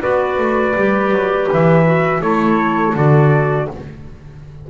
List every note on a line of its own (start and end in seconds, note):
0.00 0.38 B3
0.00 0.75 F#4
0.00 2.20 B4
0.00 1.48 D5
0.38 0.74 A3
0.75 1.11 G3
0.75 1.85 G4
1.11 1.47 F#3
1.53 2.21 E3
1.53 2.22 E5
1.85 2.21 F#4
2.21 2.94 A3
2.21 2.94 E4
2.21 3.69 A4
2.21 2.95 C#5
2.95 3.68 D3
2.95 3.68 F#4
2.95 3.70 D5